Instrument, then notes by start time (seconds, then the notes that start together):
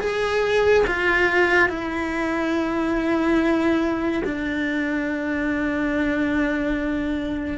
cello
0.00 G#4
0.87 F4
1.69 E4
4.25 D4